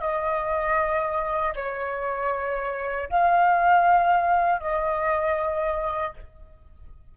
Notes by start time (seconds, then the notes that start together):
0.00 D#5
1.55 C#5
3.09 F5
4.60 D#5